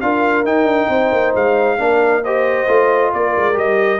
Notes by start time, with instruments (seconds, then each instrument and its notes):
0.00 tuba D4, trombone F4, horn A#4, trumpet F5
0.43 tuba D#4, trombone D#4, trumpet G5
0.63 tuba D4
0.88 tuba C4, horn C5
1.11 tuba A#3
1.34 tuba G#3, trumpet F5
1.78 tuba A#3, trombone D4, horn A#4
2.22 trombone G4, horn C5, trumpet D#5
2.67 tuba A3, trombone F4
3.13 tuba A#3, horn A#4, trumpet D5
3.36 tuba G#3
3.53 tuba G3, trombone G4, trumpet D#5